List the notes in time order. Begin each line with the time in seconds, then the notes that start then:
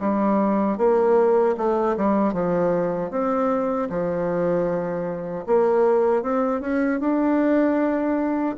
0.00 G3
0.78 A#3
1.57 A3
1.97 G3
2.34 F3
3.11 C4
3.90 F3
5.47 A#3
6.23 C4
6.61 C#4
7.00 D4